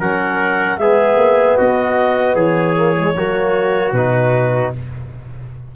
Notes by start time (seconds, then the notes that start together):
0.00 F#3 C#4 A#4 F#5
0.78 G#3 B3 G#4 E5
1.16 A#3
1.57 B3 F#4 D#5
2.36 E3 G#4 C#5
2.76 A#3
2.96 G#3
3.15 F#3 A#3 F#4
3.93 B2 D#4 B4